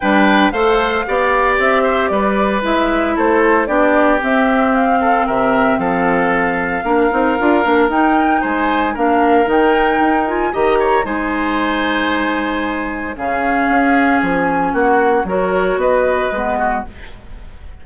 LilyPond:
<<
  \new Staff \with { instrumentName = "flute" } { \time 4/4 \tempo 4 = 114 g''4 f''2 e''4 | d''4 e''4 c''4 d''4 | e''4 f''4 e''4 f''4~ | f''2. g''4 |
gis''4 f''4 g''4. gis''8 | ais''4 gis''2.~ | gis''4 f''2 gis''4 | fis''4 cis''4 dis''2 | }
  \new Staff \with { instrumentName = "oboe" } { \time 4/4 b'4 c''4 d''4. c''8 | b'2 a'4 g'4~ | g'4. a'8 ais'4 a'4~ | a'4 ais'2. |
c''4 ais'2. | dis''8 cis''8 c''2.~ | c''4 gis'2. | fis'4 ais'4 b'4. fis'8 | }
  \new Staff \with { instrumentName = "clarinet" } { \time 4/4 d'4 a'4 g'2~ | g'4 e'2 d'4 | c'1~ | c'4 d'8 dis'8 f'8 d'8 dis'4~ |
dis'4 d'4 dis'4. f'8 | g'4 dis'2.~ | dis'4 cis'2.~ | cis'4 fis'2 b4 | }
  \new Staff \with { instrumentName = "bassoon" } { \time 4/4 g4 a4 b4 c'4 | g4 gis4 a4 b4 | c'2 c4 f4~ | f4 ais8 c'8 d'8 ais8 dis'4 |
gis4 ais4 dis4 dis'4 | dis4 gis2.~ | gis4 cis4 cis'4 f4 | ais4 fis4 b4 gis4 | }
>>